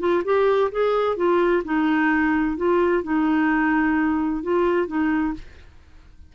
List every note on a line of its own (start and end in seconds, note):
0.00 0.23 F4
0.25 0.71 G4
0.72 1.17 G#4
1.17 1.63 F4
1.65 2.57 D#4
2.57 3.03 F4
3.03 4.43 D#4
4.43 4.88 F4
4.88 5.34 D#4